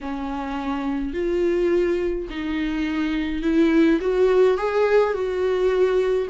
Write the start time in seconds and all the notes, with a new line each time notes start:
0.00 C#4
1.13 F4
2.29 D#4
3.42 E4
4.00 F#4
4.57 G#4
5.13 F#4